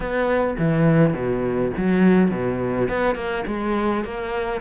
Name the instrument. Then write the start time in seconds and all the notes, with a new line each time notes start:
cello
0.00 B3
0.58 E3
1.13 B2
1.77 F#3
2.31 B2
2.88 B3
3.15 A#3
3.46 G#3
4.04 A#3